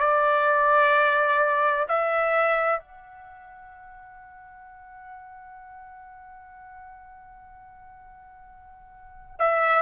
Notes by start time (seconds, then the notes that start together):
0.00 D5
1.89 E5
2.80 F#5
9.40 E5